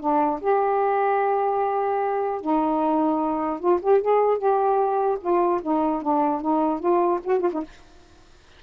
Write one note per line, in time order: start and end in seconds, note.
0.00 0.40 D4
0.41 2.41 G4
2.41 3.60 D#4
3.60 3.80 F4
3.82 4.01 G4
4.01 4.38 G#4
4.38 5.18 G4
5.21 5.61 F4
5.62 6.02 D#4
6.02 6.41 D4
6.41 6.80 D#4
6.80 7.20 F4
7.24 7.40 F#4
7.40 7.50 F4
7.53 7.63 D#4